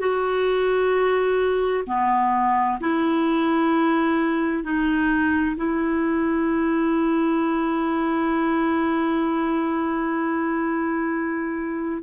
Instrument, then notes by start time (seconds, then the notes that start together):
clarinet
0.00 F#4
1.87 B3
2.81 E4
4.64 D#4
5.57 E4